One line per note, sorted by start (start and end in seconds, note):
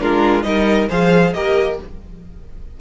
0.00 0.44 G#3
0.00 0.42 D4
0.00 0.46 F4
0.00 0.43 A#4
0.42 0.88 G3
0.42 0.87 D#4
0.42 0.89 A#4
0.42 0.87 D#5
0.89 1.35 F3
0.89 1.34 G#4
0.89 1.33 C5
0.89 1.33 F5
1.33 1.79 A#3
1.33 1.79 G4
1.33 1.80 A#4
1.33 1.77 D#5